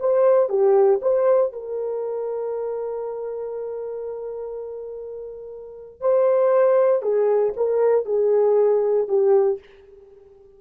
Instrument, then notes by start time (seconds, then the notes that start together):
horn
0.00 C5
0.49 G4
1.02 C5
1.53 A#4
6.01 C5
7.03 G#4
7.57 A#4
8.06 G#4
9.08 G4